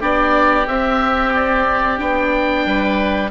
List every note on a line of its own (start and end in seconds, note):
0.00 0.67 B3
0.00 0.67 D4
0.00 2.64 G4
0.00 0.67 D5
0.67 1.98 C4
0.67 1.99 C4
0.67 1.33 E5
1.34 1.99 D5
1.98 2.65 B3
1.98 3.30 D4
1.98 3.31 G5
2.65 3.31 G3
2.65 3.31 B4